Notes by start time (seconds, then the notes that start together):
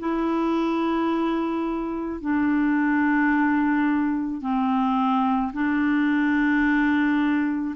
0.00 E4
2.21 D4
4.41 C4
5.54 D4